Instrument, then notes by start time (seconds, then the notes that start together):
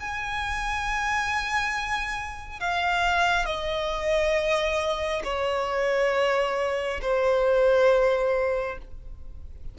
violin
0.00 G#5
2.60 F5
3.46 D#5
5.24 C#5
7.01 C5